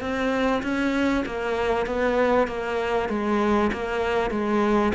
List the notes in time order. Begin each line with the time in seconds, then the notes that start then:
0.00 C4
0.62 C#4
1.25 A#3
1.86 B3
2.47 A#3
3.09 G#3
3.73 A#3
4.30 G#3